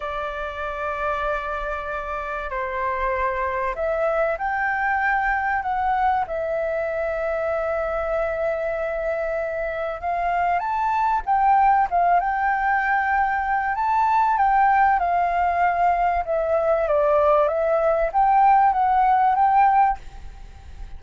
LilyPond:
\new Staff \with { instrumentName = "flute" } { \time 4/4 \tempo 4 = 96 d''1 | c''2 e''4 g''4~ | g''4 fis''4 e''2~ | e''1 |
f''4 a''4 g''4 f''8 g''8~ | g''2 a''4 g''4 | f''2 e''4 d''4 | e''4 g''4 fis''4 g''4 | }